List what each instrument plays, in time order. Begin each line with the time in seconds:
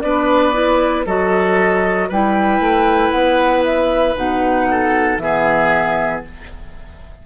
0.00 bassoon B3, clarinet D4, oboe B4, flute D5
0.53 clarinet E4
1.06 bassoon F#3, clarinet F#4, oboe A4, flute D#5
2.08 bassoon G3, clarinet E4, oboe B4, flute G5
2.59 bassoon A3
3.11 bassoon B3, flute F#5
3.64 flute E5
4.15 bassoon B2, clarinet D#4, flute F#5
4.70 oboe A4
5.17 bassoon E3, clarinet B3, oboe G#4, flute E5